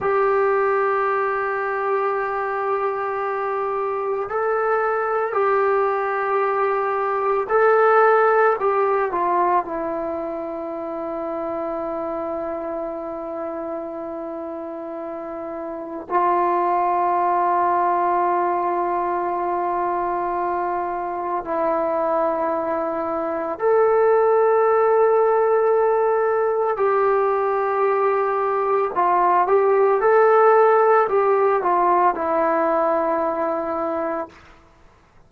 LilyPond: \new Staff \with { instrumentName = "trombone" } { \time 4/4 \tempo 4 = 56 g'1 | a'4 g'2 a'4 | g'8 f'8 e'2.~ | e'2. f'4~ |
f'1 | e'2 a'2~ | a'4 g'2 f'8 g'8 | a'4 g'8 f'8 e'2 | }